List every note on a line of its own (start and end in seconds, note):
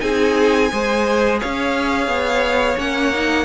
0.00 0.71 C4
0.00 0.69 D#4
0.00 0.72 G#4
0.00 1.39 G#5
0.72 1.42 G#3
0.72 2.78 G#4
0.72 1.40 C5
1.40 2.07 C#4
1.40 3.45 C#5
1.40 2.79 F5
2.07 2.76 B3
2.78 3.45 A#3
2.78 3.12 C#4
2.78 3.45 F#5
3.14 3.45 D#4